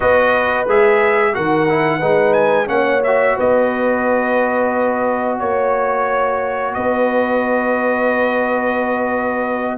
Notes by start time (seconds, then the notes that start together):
0.00 B3 F#4 B4 D#5
0.67 G#3 G#4 E5
1.33 D#3 F#4 A#4 F#5
1.69 E4
1.98 G#3 D#4 B4
2.33 G#5
2.66 A#3 C#4 C#5 F#5
3.03 F#4 E5
3.36 B3 B4 D#5
5.39 A#3 C#5
6.74 B3 B4 D#5